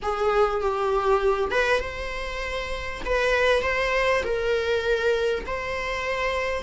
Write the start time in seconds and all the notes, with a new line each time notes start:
0.02 G#4
0.61 G4
1.51 B4
1.80 C5
3.05 B4
3.62 C5
4.23 A#4
5.46 C5